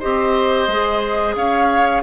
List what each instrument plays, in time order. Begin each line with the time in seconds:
0.00 bassoon C4, clarinet G4, oboe C5, flute D#5
0.68 bassoon G#3, clarinet G#4
1.36 bassoon C#4, oboe C#5, flute F5